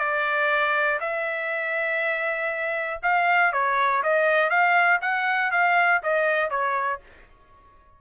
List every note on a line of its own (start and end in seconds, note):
0.00 1.00 D5
1.01 3.01 E5
3.03 3.53 F5
3.53 4.03 C#5
4.03 4.50 D#5
4.50 5.00 F5
5.02 5.52 F#5
5.52 6.02 F5
6.03 6.50 D#5
6.50 7.00 C#5